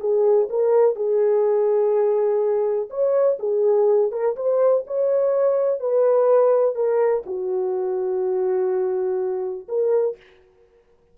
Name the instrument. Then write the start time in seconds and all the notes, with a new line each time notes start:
horn
0.00 G#4
0.49 A#4
0.95 G#4
2.90 C#5
3.39 G#4
4.12 A#4
4.36 C5
4.87 C#5
5.80 B4
6.75 A#4
7.26 F#4
9.68 A#4